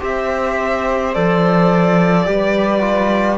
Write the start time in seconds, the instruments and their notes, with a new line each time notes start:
0.00 cello C4, trombone G4, viola C5, violin E5
1.14 cello F3, trombone A4, violin D5
2.26 cello G3, trombone G4, viola B4
2.81 trombone F4